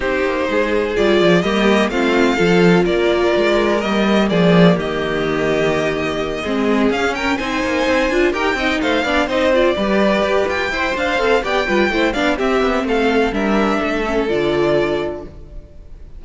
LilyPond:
<<
  \new Staff \with { instrumentName = "violin" } { \time 4/4 \tempo 4 = 126 c''2 d''4 dis''4 | f''2 d''2 | dis''4 d''4 dis''2~ | dis''2~ dis''8 f''8 g''8 gis''8~ |
gis''4. g''4 f''4 dis''8 | d''2 g''4 f''4 | g''4. f''8 e''4 f''4 | e''2 d''2 | }
  \new Staff \with { instrumentName = "violin" } { \time 4/4 g'4 gis'2 g'4 | f'4 a'4 ais'2~ | ais'4 gis'4 g'2~ | g'4. gis'4. ais'8 c''8~ |
c''4. ais'8 dis''8 c''8 d''8 c''8~ | c''8 b'2 c''4. | d''8 b'8 c''8 d''8 g'4 a'4 | ais'4 a'2. | }
  \new Staff \with { instrumentName = "viola" } { \time 4/4 dis'2 f'4 ais4 | c'4 f'2. | ais1~ | ais4. c'4 cis'4 dis'8~ |
dis'4 f'8 g'8 dis'4 d'8 dis'8 | f'8 g'2 c''4 a'8 | g'8 f'8 e'8 d'8 c'2 | d'4. cis'8 f'2 | }
  \new Staff \with { instrumentName = "cello" } { \time 4/4 c'8 ais8 gis4 g8 f8 g4 | a4 f4 ais4 gis4 | g4 f4 dis2~ | dis4. gis4 cis'4 c'8 |
ais8 c'8 d'8 dis'8 c'8 a8 b8 c'8~ | c'8 g4 g'8 f'8 e'8 d'8 c'8 | b8 g8 a8 b8 c'8 b8 a4 | g4 a4 d2 | }
>>